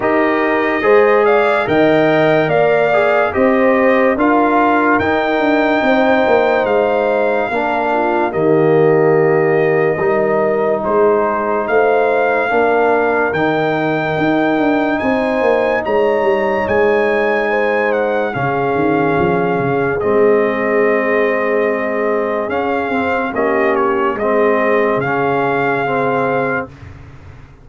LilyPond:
<<
  \new Staff \with { instrumentName = "trumpet" } { \time 4/4 \tempo 4 = 72 dis''4. f''8 g''4 f''4 | dis''4 f''4 g''2 | f''2 dis''2~ | dis''4 c''4 f''2 |
g''2 gis''4 ais''4 | gis''4. fis''8 f''2 | dis''2. f''4 | dis''8 cis''8 dis''4 f''2 | }
  \new Staff \with { instrumentName = "horn" } { \time 4/4 ais'4 c''8 d''8 dis''4 d''4 | c''4 ais'2 c''4~ | c''4 ais'8 f'8 g'2 | ais'4 gis'4 c''4 ais'4~ |
ais'2 c''4 cis''4~ | cis''4 c''4 gis'2~ | gis'1 | g'4 gis'2. | }
  \new Staff \with { instrumentName = "trombone" } { \time 4/4 g'4 gis'4 ais'4. gis'8 | g'4 f'4 dis'2~ | dis'4 d'4 ais2 | dis'2. d'4 |
dis'1~ | dis'2 cis'2 | c'2. cis'8 c'8 | cis'4 c'4 cis'4 c'4 | }
  \new Staff \with { instrumentName = "tuba" } { \time 4/4 dis'4 gis4 dis4 ais4 | c'4 d'4 dis'8 d'8 c'8 ais8 | gis4 ais4 dis2 | g4 gis4 a4 ais4 |
dis4 dis'8 d'8 c'8 ais8 gis8 g8 | gis2 cis8 dis8 f8 cis8 | gis2. cis'8 c'8 | ais4 gis4 cis2 | }
>>